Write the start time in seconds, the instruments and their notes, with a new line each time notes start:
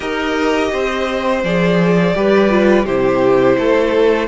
0.00 cello D#4, viola G4, violin A#4 D#5
0.72 cello C4, violin C5
1.43 cello F3, viola G#4, violin D5
2.14 cello G3, viola G4, violin B4
2.49 viola F4
2.85 cello C3, viola E4, violin G4 C5
3.57 cello A3, violin A4